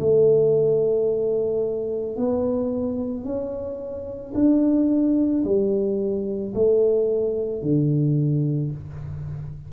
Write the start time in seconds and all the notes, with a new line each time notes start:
0.00 A3
2.17 B3
3.24 C#4
4.35 D4
5.44 G3
6.55 A3
7.63 D3